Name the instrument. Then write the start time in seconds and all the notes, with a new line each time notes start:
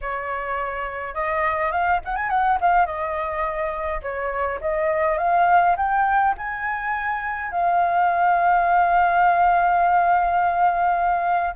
flute
0.01 C#5
1.14 D#5
1.71 F5
2.05 F#5
2.16 G#5
2.29 F#5
2.60 F5
2.86 D#5
4.02 C#5
4.60 D#5
5.18 F5
5.76 G5
6.37 G#5
7.51 F5